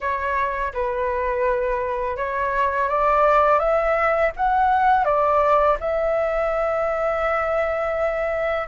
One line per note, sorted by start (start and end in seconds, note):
0.00 0.73 C#5
0.73 2.17 B4
2.17 2.88 C#5
2.88 3.59 D5
3.59 4.31 E5
4.36 5.04 F#5
5.04 5.77 D5
5.80 8.67 E5